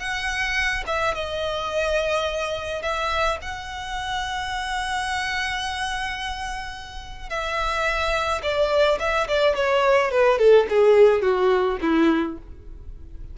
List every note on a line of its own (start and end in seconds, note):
0.00 0.84 F#5
0.87 1.15 E5
1.15 2.82 D#5
2.82 3.38 E5
3.42 7.30 F#5
7.30 8.42 E5
8.43 8.99 D5
9.00 9.28 E5
9.28 9.56 D5
9.56 10.11 C#5
10.11 10.39 B4
10.39 10.67 A4
10.70 11.22 G#4
11.22 11.78 F#4
11.82 12.38 E4